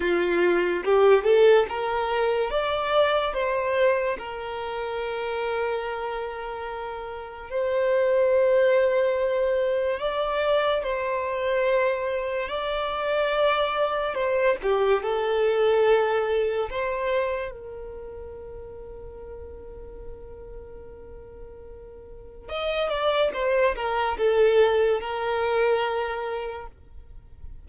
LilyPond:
\new Staff \with { instrumentName = "violin" } { \time 4/4 \tempo 4 = 72 f'4 g'8 a'8 ais'4 d''4 | c''4 ais'2.~ | ais'4 c''2. | d''4 c''2 d''4~ |
d''4 c''8 g'8 a'2 | c''4 ais'2.~ | ais'2. dis''8 d''8 | c''8 ais'8 a'4 ais'2 | }